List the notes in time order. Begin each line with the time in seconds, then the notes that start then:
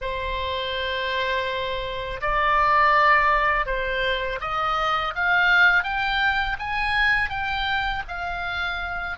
0.01 C5
2.21 D5
3.66 C5
4.40 D#5
5.15 F5
5.83 G5
6.59 G#5
7.29 G5
8.08 F5